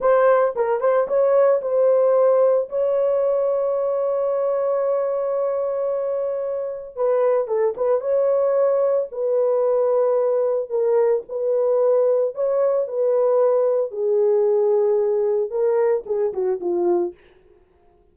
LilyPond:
\new Staff \with { instrumentName = "horn" } { \time 4/4 \tempo 4 = 112 c''4 ais'8 c''8 cis''4 c''4~ | c''4 cis''2.~ | cis''1~ | cis''4 b'4 a'8 b'8 cis''4~ |
cis''4 b'2. | ais'4 b'2 cis''4 | b'2 gis'2~ | gis'4 ais'4 gis'8 fis'8 f'4 | }